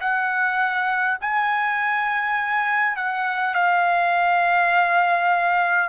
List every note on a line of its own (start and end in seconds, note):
0.00 1.18 F#5
1.21 2.96 G#5
2.96 3.54 F#5
3.54 5.89 F5